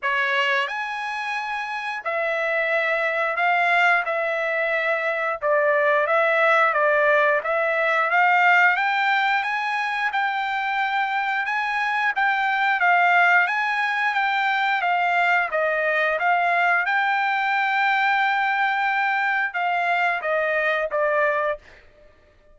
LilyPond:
\new Staff \with { instrumentName = "trumpet" } { \time 4/4 \tempo 4 = 89 cis''4 gis''2 e''4~ | e''4 f''4 e''2 | d''4 e''4 d''4 e''4 | f''4 g''4 gis''4 g''4~ |
g''4 gis''4 g''4 f''4 | gis''4 g''4 f''4 dis''4 | f''4 g''2.~ | g''4 f''4 dis''4 d''4 | }